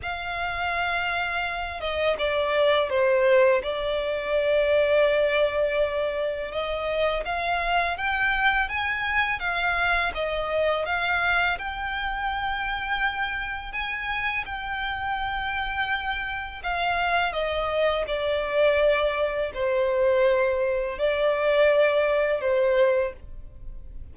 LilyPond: \new Staff \with { instrumentName = "violin" } { \time 4/4 \tempo 4 = 83 f''2~ f''8 dis''8 d''4 | c''4 d''2.~ | d''4 dis''4 f''4 g''4 | gis''4 f''4 dis''4 f''4 |
g''2. gis''4 | g''2. f''4 | dis''4 d''2 c''4~ | c''4 d''2 c''4 | }